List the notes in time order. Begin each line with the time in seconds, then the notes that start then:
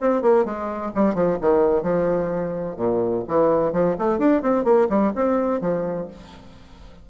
0.00 C4
0.21 A#3
0.45 G#3
0.95 G3
1.14 F3
1.41 D#3
1.82 F3
2.76 A#2
3.27 E3
3.72 F3
3.98 A3
4.18 D4
4.42 C4
4.64 A#3
4.89 G3
5.15 C4
5.61 F3